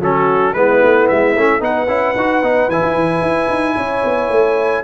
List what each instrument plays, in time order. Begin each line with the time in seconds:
0.00 tuba F#3, trombone C#4, horn F#4, trumpet A4
0.53 tuba G#3, trombone B3, horn E4, trumpet B4
0.82 tuba A3
1.08 tuba G#3, trumpet E5
1.35 tuba A3, trombone C#4
1.60 tuba B3, trombone D#4, horn B4, trumpet F#5
1.87 tuba C#4, trombone E4
2.15 tuba D#4, trombone F#4
2.42 tuba B3, trombone D#4
2.68 tuba E3, trombone E4, trumpet G#5
2.82 tuba E4
2.95 tuba E3
3.22 tuba E4
3.49 tuba D#4
3.76 tuba C#4, horn C#5
4.04 tuba B3
4.29 tuba A3